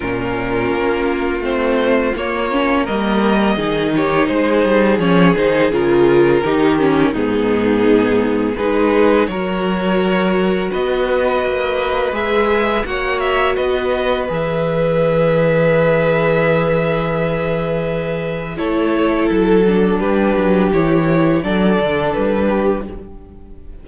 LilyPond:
<<
  \new Staff \with { instrumentName = "violin" } { \time 4/4 \tempo 4 = 84 ais'2 c''4 cis''4 | dis''4. cis''8 c''4 cis''8 c''8 | ais'2 gis'2 | b'4 cis''2 dis''4~ |
dis''4 e''4 fis''8 e''8 dis''4 | e''1~ | e''2 cis''4 a'4 | b'4 cis''4 d''4 b'4 | }
  \new Staff \with { instrumentName = "violin" } { \time 4/4 f'1 | ais'4 gis'8 g'8 gis'2~ | gis'4 g'4 dis'2 | gis'4 ais'2 b'4~ |
b'2 cis''4 b'4~ | b'1~ | b'2 a'2 | g'2 a'4. g'8 | }
  \new Staff \with { instrumentName = "viola" } { \time 4/4 cis'2 c'4 ais8 cis'8 | ais4 dis'2 cis'8 dis'8 | f'4 dis'8 cis'8 b2 | dis'4 fis'2.~ |
fis'4 gis'4 fis'2 | gis'1~ | gis'2 e'4. d'8~ | d'4 e'4 d'2 | }
  \new Staff \with { instrumentName = "cello" } { \time 4/4 ais,4 ais4 a4 ais4 | g4 dis4 gis8 g8 f8 dis8 | cis4 dis4 gis,2 | gis4 fis2 b4 |
ais4 gis4 ais4 b4 | e1~ | e2 a4 fis4 | g8 fis8 e4 fis8 d8 g4 | }
>>